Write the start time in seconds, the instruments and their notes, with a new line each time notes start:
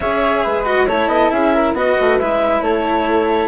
0.00 bassoon C#4, cello G#4, flute C#5, clarinet E5
0.43 bassoon G#3, flute B4
0.65 cello F#4, clarinet D#5
0.87 bassoon A3, cello E4, flute A4, clarinet C#5
1.07 bassoon B3, clarinet D#5
1.30 bassoon C#4, flute G#4, clarinet E5
1.54 flute A#4
1.73 bassoon B3, cello F#4, flute B4, clarinet D#5
2.00 bassoon A3
2.19 bassoon G#3, cello E4, clarinet E5
2.61 bassoon A3, flute A4, clarinet C#5